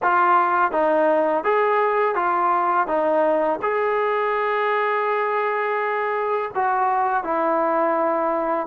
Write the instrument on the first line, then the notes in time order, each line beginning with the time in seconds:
trombone
0.02 F4
0.71 D#4
1.44 G#4
2.15 F4
2.87 D#4
3.62 G#4
6.54 F#4
7.23 E4